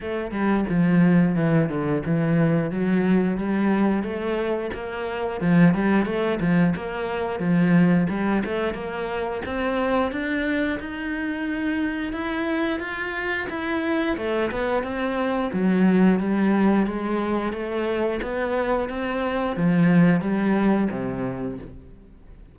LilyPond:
\new Staff \with { instrumentName = "cello" } { \time 4/4 \tempo 4 = 89 a8 g8 f4 e8 d8 e4 | fis4 g4 a4 ais4 | f8 g8 a8 f8 ais4 f4 | g8 a8 ais4 c'4 d'4 |
dis'2 e'4 f'4 | e'4 a8 b8 c'4 fis4 | g4 gis4 a4 b4 | c'4 f4 g4 c4 | }